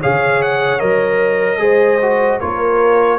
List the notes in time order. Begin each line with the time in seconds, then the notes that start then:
0.00 C#3 G#4 C#5 F5
0.42 F#5
0.79 F#3 A#4 D#5
1.58 G#3 G#4 C5
2.01 F#4
2.40 A#3 F4 A#4 C#5